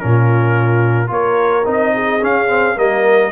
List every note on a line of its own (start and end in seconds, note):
0.00 1.11 A#2
0.00 1.07 C#4
0.00 1.10 F4
0.00 1.10 A#4
1.07 1.66 A#3
1.07 1.62 F4
1.07 1.93 A#4
1.07 1.67 C#5
1.65 2.22 C4
1.65 2.20 D#4
1.72 2.25 D#5
1.95 2.77 G#4
2.22 2.48 C#4
2.22 2.78 C#4
2.22 2.79 F5
2.48 2.75 C4
2.77 3.32 G3
2.77 3.32 A#3
2.77 3.32 A#4
2.77 3.32 D#5